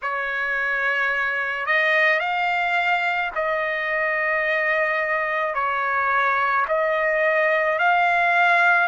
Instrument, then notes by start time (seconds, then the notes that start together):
trumpet
0.02 C#5
1.66 D#5
2.19 F5
3.35 D#5
5.54 C#5
6.68 D#5
7.78 F5